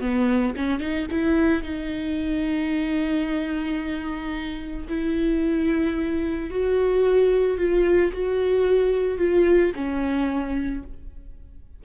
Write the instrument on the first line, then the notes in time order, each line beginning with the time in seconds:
viola
0.00 B3
0.56 C#4
0.79 D#4
1.10 E4
1.63 D#4
4.88 E4
6.50 F#4
7.57 F4
8.12 F#4
9.18 F4
9.75 C#4